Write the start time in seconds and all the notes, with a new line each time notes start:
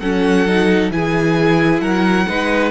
0.00 F#3 C#4 A4 F#5
0.48 D#4
0.91 E3 E4 G#4 G#5
1.80 F#3 A#4 F#5
2.29 G#3 D#4 B4